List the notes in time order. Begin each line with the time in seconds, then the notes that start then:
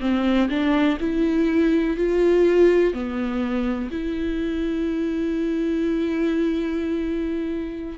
0.00 C4
0.49 D4
1.00 E4
1.97 F4
2.93 B3
3.91 E4